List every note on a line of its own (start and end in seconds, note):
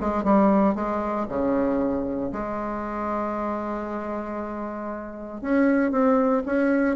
0.00 0.24 G#3
0.24 0.75 G3
0.75 1.26 G#3
1.28 2.31 C#3
2.32 5.41 G#3
5.41 5.91 C#4
5.91 6.43 C4
6.46 6.96 C#4